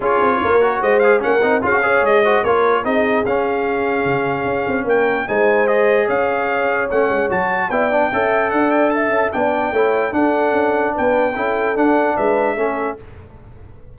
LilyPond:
<<
  \new Staff \with { instrumentName = "trumpet" } { \time 4/4 \tempo 4 = 148 cis''2 dis''8 f''8 fis''4 | f''4 dis''4 cis''4 dis''4 | f''1 | g''4 gis''4 dis''4 f''4~ |
f''4 fis''4 a''4 g''4~ | g''4 fis''8 g''8 a''4 g''4~ | g''4 fis''2 g''4~ | g''4 fis''4 e''2 | }
  \new Staff \with { instrumentName = "horn" } { \time 4/4 gis'4 ais'4 c''4 ais'4 | gis'8 cis''4 c''8 ais'4 gis'4~ | gis'1 | ais'4 c''2 cis''4~ |
cis''2. d''4 | e''4 d''4 e''4 d''4 | cis''4 a'2 b'4 | a'2 b'4 a'4 | }
  \new Staff \with { instrumentName = "trombone" } { \time 4/4 f'4. fis'4 gis'8 cis'8 dis'8 | f'16 fis'16 gis'4 fis'8 f'4 dis'4 | cis'1~ | cis'4 dis'4 gis'2~ |
gis'4 cis'4 fis'4 e'8 d'8 | a'2. d'4 | e'4 d'2. | e'4 d'2 cis'4 | }
  \new Staff \with { instrumentName = "tuba" } { \time 4/4 cis'8 c'8 ais4 gis4 ais8 c'8 | cis'4 gis4 ais4 c'4 | cis'2 cis4 cis'8 c'8 | ais4 gis2 cis'4~ |
cis'4 a8 gis8 fis4 b4 | cis'4 d'4. cis'8 b4 | a4 d'4 cis'4 b4 | cis'4 d'4 gis4 a4 | }
>>